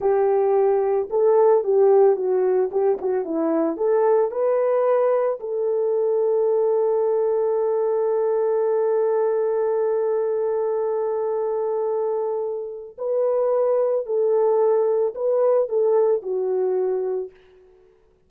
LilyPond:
\new Staff \with { instrumentName = "horn" } { \time 4/4 \tempo 4 = 111 g'2 a'4 g'4 | fis'4 g'8 fis'8 e'4 a'4 | b'2 a'2~ | a'1~ |
a'1~ | a'1 | b'2 a'2 | b'4 a'4 fis'2 | }